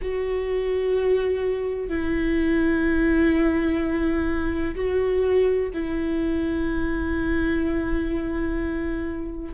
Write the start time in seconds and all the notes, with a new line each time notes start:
0.01 F#4
1.88 E4
4.75 F#4
5.73 E4